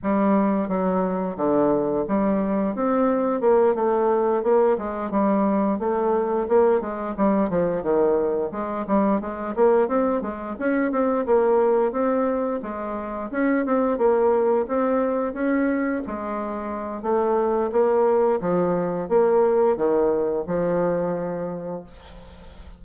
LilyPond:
\new Staff \with { instrumentName = "bassoon" } { \time 4/4 \tempo 4 = 88 g4 fis4 d4 g4 | c'4 ais8 a4 ais8 gis8 g8~ | g8 a4 ais8 gis8 g8 f8 dis8~ | dis8 gis8 g8 gis8 ais8 c'8 gis8 cis'8 |
c'8 ais4 c'4 gis4 cis'8 | c'8 ais4 c'4 cis'4 gis8~ | gis4 a4 ais4 f4 | ais4 dis4 f2 | }